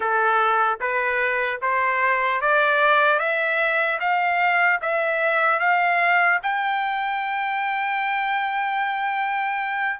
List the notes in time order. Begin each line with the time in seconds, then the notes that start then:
0.00 A4
0.80 B4
1.61 C5
2.41 D5
3.19 E5
4.00 F5
4.81 E5
5.59 F5
6.43 G5